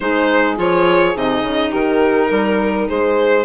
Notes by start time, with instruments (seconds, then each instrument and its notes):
0.00 bassoon G#3, clarinet D#4, horn G#4, violin C5
0.56 bassoon F3, clarinet F4, violin C#5
1.14 bassoon C3, clarinet D#4, violin D#5
1.42 bassoon C#3
1.70 bassoon D#3, horn G4, violin A#4
2.30 bassoon G3, horn A#4
2.88 bassoon G#3, horn G#4, violin C5